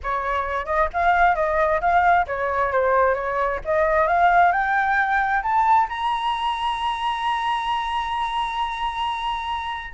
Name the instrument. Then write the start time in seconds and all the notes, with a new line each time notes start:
flute
0.03 C#5
0.65 D#5
0.93 F5
1.35 D#5
1.80 F5
2.27 C#5
2.71 C5
3.14 C#5
3.64 D#5
4.07 F5
4.52 G5
5.43 A5
5.89 A#5